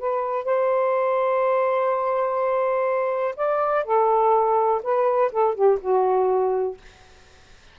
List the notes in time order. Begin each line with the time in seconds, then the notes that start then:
0.00 B4
0.45 C5
3.36 D5
3.85 A4
4.83 B4
5.32 A4
5.55 G4
5.81 F#4